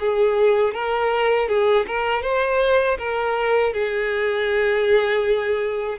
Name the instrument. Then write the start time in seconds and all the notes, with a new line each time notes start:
violin
0.00 G#4
0.74 A#4
1.49 G#4
1.88 A#4
2.23 C5
2.99 A#4
3.74 G#4